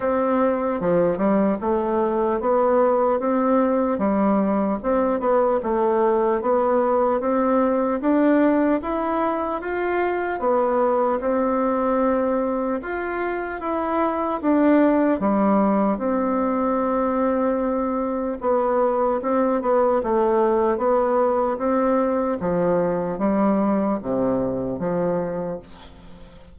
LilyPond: \new Staff \with { instrumentName = "bassoon" } { \time 4/4 \tempo 4 = 75 c'4 f8 g8 a4 b4 | c'4 g4 c'8 b8 a4 | b4 c'4 d'4 e'4 | f'4 b4 c'2 |
f'4 e'4 d'4 g4 | c'2. b4 | c'8 b8 a4 b4 c'4 | f4 g4 c4 f4 | }